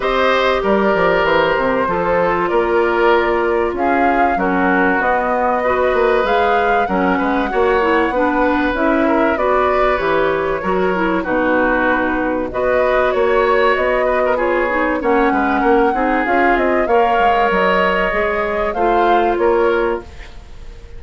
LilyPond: <<
  \new Staff \with { instrumentName = "flute" } { \time 4/4 \tempo 4 = 96 dis''4 d''4 c''2 | d''2 f''4 ais'4 | dis''2 f''4 fis''4~ | fis''2 e''4 d''4 |
cis''2 b'2 | dis''4 cis''4 dis''4 cis''4 | fis''2 f''8 dis''8 f''4 | dis''2 f''4 cis''4 | }
  \new Staff \with { instrumentName = "oboe" } { \time 4/4 c''4 ais'2 a'4 | ais'2 gis'4 fis'4~ | fis'4 b'2 ais'8 b'8 | cis''4 b'4. ais'8 b'4~ |
b'4 ais'4 fis'2 | b'4 cis''4. b'16 ais'16 gis'4 | cis''8 b'8 ais'8 gis'4. cis''4~ | cis''2 c''4 ais'4 | }
  \new Staff \with { instrumentName = "clarinet" } { \time 4/4 g'2. f'4~ | f'2. cis'4 | b4 fis'4 gis'4 cis'4 | fis'8 e'8 d'4 e'4 fis'4 |
g'4 fis'8 e'8 dis'2 | fis'2. f'8 dis'8 | cis'4. dis'8 f'4 ais'4~ | ais'4 gis'4 f'2 | }
  \new Staff \with { instrumentName = "bassoon" } { \time 4/4 c'4 g8 f8 e8 c8 f4 | ais2 cis'4 fis4 | b4. ais8 gis4 fis8 gis8 | ais4 b4 cis'4 b4 |
e4 fis4 b,2 | b4 ais4 b2 | ais8 gis8 ais8 c'8 cis'8 c'8 ais8 gis8 | fis4 gis4 a4 ais4 | }
>>